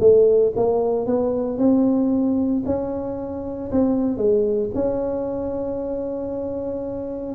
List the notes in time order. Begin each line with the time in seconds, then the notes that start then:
0.00 A3
0.56 A#3
1.06 B3
1.58 C4
2.66 C#4
3.72 C4
4.17 G#3
4.75 C#4